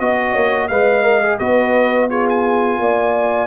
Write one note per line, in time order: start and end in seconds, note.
0.00 0.35 B3
0.00 0.71 F#4
0.00 0.68 D#5
0.00 0.33 D#5
0.33 0.70 A#3
0.33 0.68 C#5
0.68 1.40 G#3
0.68 1.05 B4
0.68 1.40 D#5
0.68 1.38 F5
1.05 1.22 A#4
1.23 1.40 G#4
1.39 2.79 B3
1.39 2.10 F#4
1.39 2.10 B4
1.39 2.09 D#5
2.10 3.48 F4
2.10 2.80 G#4
2.10 2.28 C#5
2.30 3.48 G#5
2.79 3.48 A#3
2.79 3.48 D5